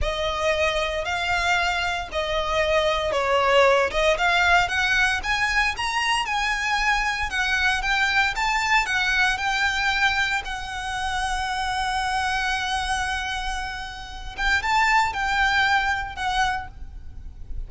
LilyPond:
\new Staff \with { instrumentName = "violin" } { \time 4/4 \tempo 4 = 115 dis''2 f''2 | dis''2 cis''4. dis''8 | f''4 fis''4 gis''4 ais''4 | gis''2 fis''4 g''4 |
a''4 fis''4 g''2 | fis''1~ | fis''2.~ fis''8 g''8 | a''4 g''2 fis''4 | }